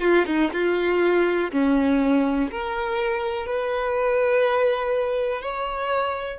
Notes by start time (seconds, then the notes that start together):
0.00 F4
0.26 D#4
0.53 F4
1.52 C#4
2.50 A#4
3.46 B4
5.41 C#5